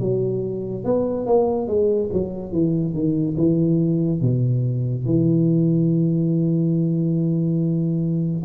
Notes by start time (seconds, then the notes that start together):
0.00 F#3
0.84 B3
1.26 A#3
1.67 G#3
2.13 F#3
2.52 E3
2.94 D#3
3.37 E3
4.21 B2
5.06 E3